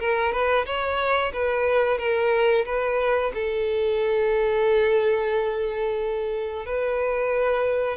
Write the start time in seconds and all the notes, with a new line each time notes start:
0.00 A#4
0.32 B4
0.66 C#5
1.33 B4
1.98 A#4
2.66 B4
3.35 A4
6.66 B4